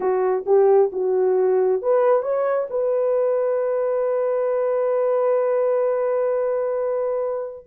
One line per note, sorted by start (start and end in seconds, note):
0.00 0.44 F#4
0.46 0.91 G4
0.92 1.82 F#4
1.82 2.22 B4
2.22 2.67 C#5
2.69 7.66 B4